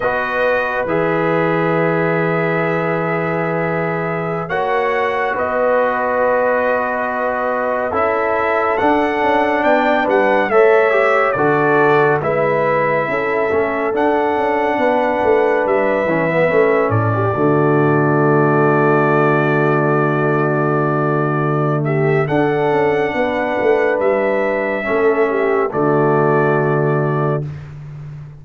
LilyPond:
<<
  \new Staff \with { instrumentName = "trumpet" } { \time 4/4 \tempo 4 = 70 dis''4 e''2.~ | e''4~ e''16 fis''4 dis''4.~ dis''16~ | dis''4~ dis''16 e''4 fis''4 g''8 fis''16~ | fis''16 e''4 d''4 e''4.~ e''16~ |
e''16 fis''2 e''4. d''16~ | d''1~ | d''4. e''8 fis''2 | e''2 d''2 | }
  \new Staff \with { instrumentName = "horn" } { \time 4/4 b'1~ | b'4~ b'16 cis''4 b'4.~ b'16~ | b'4~ b'16 a'2 d''8 b'16~ | b'16 cis''4 a'4 b'4 a'8.~ |
a'4~ a'16 b'2~ b'8 a'16 | g'16 fis'2.~ fis'8.~ | fis'4. g'8 a'4 b'4~ | b'4 a'8 g'8 fis'2 | }
  \new Staff \with { instrumentName = "trombone" } { \time 4/4 fis'4 gis'2.~ | gis'4~ gis'16 fis'2~ fis'8.~ | fis'4~ fis'16 e'4 d'4.~ d'16~ | d'16 a'8 g'8 fis'4 e'4. cis'16~ |
cis'16 d'2~ d'8 cis'16 b16 cis'8.~ | cis'16 a2.~ a8.~ | a2 d'2~ | d'4 cis'4 a2 | }
  \new Staff \with { instrumentName = "tuba" } { \time 4/4 b4 e2.~ | e4~ e16 ais4 b4.~ b16~ | b4~ b16 cis'4 d'8 cis'8 b8 g16~ | g16 a4 d4 gis4 cis'8 a16~ |
a16 d'8 cis'8 b8 a8 g8 e8 a8 a,16~ | a,16 d2.~ d8.~ | d2 d'8 cis'8 b8 a8 | g4 a4 d2 | }
>>